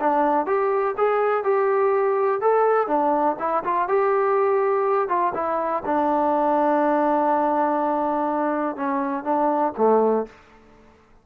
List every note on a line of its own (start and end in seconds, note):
0.00 0.46 D4
0.46 0.95 G4
0.97 1.43 G#4
1.43 2.41 G4
2.41 2.87 A4
2.87 3.36 D4
3.39 3.63 E4
3.64 3.88 F4
3.88 5.08 G4
5.08 5.33 F4
5.34 5.83 E4
5.85 8.76 D4
8.76 9.23 C#4
9.23 9.72 D4
9.77 10.26 A3